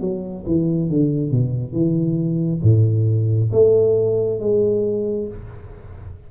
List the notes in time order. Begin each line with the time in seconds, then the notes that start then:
0.00 F#3
0.46 E3
0.89 D3
1.31 B2
1.72 E3
2.62 A2
3.52 A3
4.40 G#3